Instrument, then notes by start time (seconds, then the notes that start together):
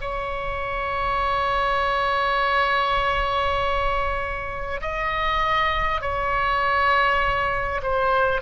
oboe
0.00 C#5
4.81 D#5
6.01 C#5
7.82 C5